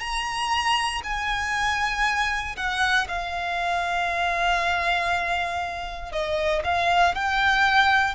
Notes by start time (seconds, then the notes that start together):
0.00 A#5
1.04 G#5
2.56 F#5
3.08 F5
6.12 D#5
6.64 F5
7.15 G5